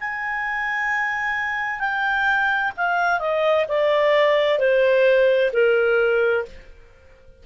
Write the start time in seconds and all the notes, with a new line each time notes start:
0.00 G#5
1.80 G5
2.77 F5
3.19 D#5
3.68 D5
4.59 C5
5.53 A#4